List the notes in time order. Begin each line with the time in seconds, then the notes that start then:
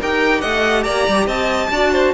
0.00 D#4 G4 A#4 G5
0.41 A3 D#5 F#5
0.83 A#3 D5 A#5
1.08 G3
1.26 C4 D#5 A5
1.70 D4 F#4 D5
1.92 C5